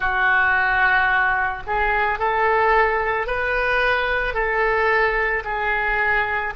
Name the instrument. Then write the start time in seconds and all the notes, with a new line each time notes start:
oboe
0.00 F#4
1.67 G#4
2.18 A4
3.26 B4
4.33 A4
5.44 G#4